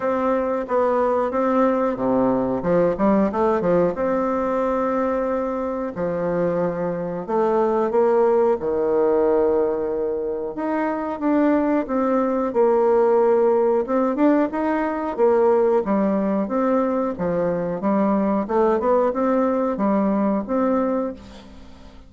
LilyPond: \new Staff \with { instrumentName = "bassoon" } { \time 4/4 \tempo 4 = 91 c'4 b4 c'4 c4 | f8 g8 a8 f8 c'2~ | c'4 f2 a4 | ais4 dis2. |
dis'4 d'4 c'4 ais4~ | ais4 c'8 d'8 dis'4 ais4 | g4 c'4 f4 g4 | a8 b8 c'4 g4 c'4 | }